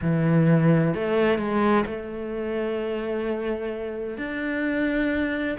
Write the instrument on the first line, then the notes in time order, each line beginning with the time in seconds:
cello
0.01 E3
0.94 A3
1.38 G#3
1.85 A3
4.17 D4